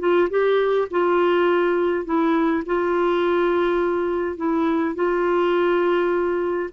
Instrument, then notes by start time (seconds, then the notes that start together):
clarinet
0.00 F4
0.30 G4
0.91 F4
2.05 E4
2.66 F4
4.37 E4
4.96 F4